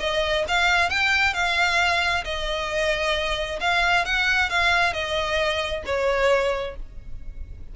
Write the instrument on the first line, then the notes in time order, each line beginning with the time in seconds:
violin
0.00 D#5
0.48 F5
0.90 G5
1.33 F5
2.24 D#5
3.60 F5
4.05 F#5
4.49 F5
4.93 D#5
5.86 C#5